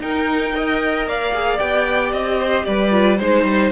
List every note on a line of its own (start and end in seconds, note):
0.00 1.06 D#4
0.00 0.54 D#4
0.00 0.56 A#4
0.00 1.08 G5
0.54 1.34 A#4
0.54 1.09 D#5
1.06 1.59 A#3
1.06 2.38 D5
1.06 1.59 F5
1.34 1.58 G#4
1.58 2.13 B3
1.58 2.91 G4
1.58 2.12 G5
2.12 2.66 C4
2.12 2.65 D#5
2.38 2.65 C5
2.65 3.20 G3
2.65 3.18 B4
2.65 3.18 D5
2.91 3.18 F4
3.18 3.44 G#3
3.18 3.72 D#4
3.18 3.71 C5
3.18 3.72 C5
3.44 3.71 G3